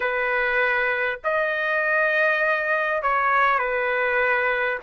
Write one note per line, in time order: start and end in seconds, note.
0.00 1.19 B4
1.24 3.02 D#5
3.02 3.58 C#5
3.58 4.78 B4